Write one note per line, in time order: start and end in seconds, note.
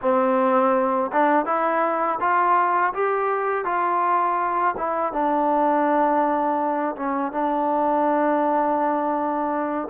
0.01 1.11 C4
1.12 1.45 D4
1.45 2.19 E4
2.20 2.93 F4
2.93 3.65 G4
3.65 4.74 F4
4.77 5.12 E4
5.12 6.95 D4
6.95 7.32 C#4
7.32 9.88 D4